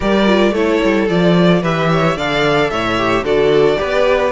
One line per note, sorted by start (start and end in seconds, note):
0.00 0.51 G3
0.00 0.26 G4
0.00 0.53 A#4
0.00 0.54 D5
0.26 0.53 F4
0.51 0.78 A3
0.51 1.08 E4
0.51 1.61 A4
0.51 1.08 C#5
0.83 1.09 G3
1.08 1.61 F3
1.08 1.62 F4
1.08 1.62 D5
1.61 2.16 E3
1.61 2.16 G4
1.61 1.88 B4
1.61 2.18 E5
1.91 2.16 C#5
2.16 2.70 D3
2.16 2.97 A4
2.16 2.70 D5
2.16 2.70 F5
2.70 3.22 A2
2.70 3.24 C#5
2.70 3.24 E5
2.97 3.24 G4
3.22 3.76 D3
3.22 3.76 F#4
3.22 3.78 A4
3.22 4.31 D5
3.76 4.31 B3
3.76 4.31 G4
3.76 4.31 B4